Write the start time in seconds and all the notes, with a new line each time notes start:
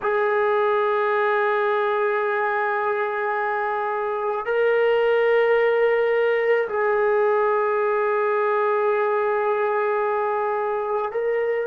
0.02 G#4
4.45 A#4
6.68 G#4
11.11 A#4